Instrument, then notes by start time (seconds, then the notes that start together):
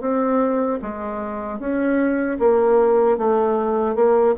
bassoon
0.00 C4
0.82 G#3
1.59 C#4
2.39 A#3
3.17 A3
3.95 A#3